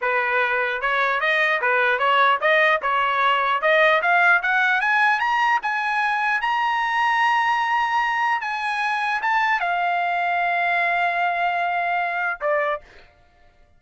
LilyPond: \new Staff \with { instrumentName = "trumpet" } { \time 4/4 \tempo 4 = 150 b'2 cis''4 dis''4 | b'4 cis''4 dis''4 cis''4~ | cis''4 dis''4 f''4 fis''4 | gis''4 ais''4 gis''2 |
ais''1~ | ais''4 gis''2 a''4 | f''1~ | f''2. d''4 | }